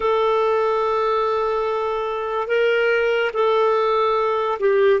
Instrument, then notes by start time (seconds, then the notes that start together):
clarinet
0.00 A4
2.47 A#4
3.33 A4
4.59 G4